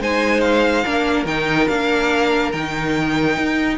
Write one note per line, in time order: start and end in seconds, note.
0.00 0.84 G#3
0.00 0.85 D#4
0.00 0.84 C5
0.00 0.41 G#5
0.41 1.25 F5
0.84 1.25 A#3
0.84 1.27 D4
0.84 3.78 A#4
1.25 1.67 D#3
1.25 1.69 D#4
1.25 1.68 G5
1.68 2.53 A#3
1.68 2.53 D4
1.68 2.52 F5
2.52 3.37 D#3
2.52 3.78 D#4
2.52 3.78 G5
3.37 3.78 D#4